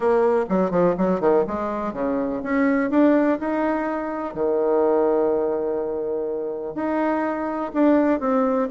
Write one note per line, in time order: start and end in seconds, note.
0.00 0.45 A#3
0.49 0.70 F#3
0.70 0.94 F3
0.97 1.20 F#3
1.20 1.44 D#3
1.47 1.93 G#3
1.93 2.41 C#3
2.43 2.90 C#4
2.90 3.38 D4
3.39 4.34 D#4
4.34 6.75 D#3
6.75 7.71 D#4
7.73 8.20 D4
8.20 8.68 C4